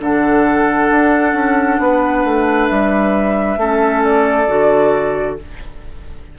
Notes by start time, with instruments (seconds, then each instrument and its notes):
0.00 bassoon D3, clarinet D4, oboe A4, flute F#5
0.91 bassoon D4
1.33 bassoon C#4
1.79 bassoon B3, oboe B4
2.25 bassoon A3
2.68 bassoon G3, flute E5
3.57 bassoon A3, clarinet C#4, oboe A4
4.04 flute D5
4.48 bassoon D3, clarinet F#4